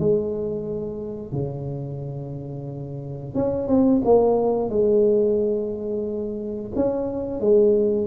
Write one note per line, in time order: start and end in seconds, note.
0.00 1.33 G#3
1.33 3.35 C#3
3.35 3.68 C#4
3.68 4.02 C4
4.05 4.70 A#3
4.70 6.72 G#3
6.76 7.41 C#4
7.41 8.07 G#3